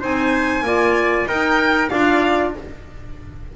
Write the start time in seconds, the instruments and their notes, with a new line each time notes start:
0.00 double bass C4, clarinet D#4, trumpet C5, violin G#5
0.62 double bass A#3, clarinet F4, trumpet D5
1.26 double bass D#4, clarinet D#4, trumpet A#4, violin G5
1.89 double bass D4, clarinet F4, trumpet D5, violin F5